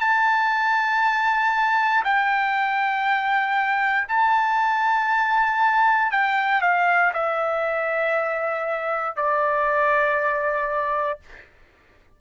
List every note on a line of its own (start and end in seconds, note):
0.00 2.03 A5
2.04 4.08 G5
4.08 6.11 A5
6.11 6.61 G5
6.61 7.12 F5
7.13 9.16 E5
9.16 11.20 D5